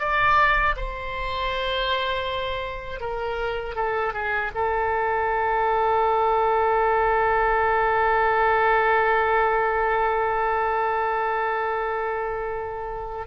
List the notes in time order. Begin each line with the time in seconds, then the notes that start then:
0.00 D5
0.77 C5
3.01 A#4
3.76 A4
4.14 G#4
4.55 A4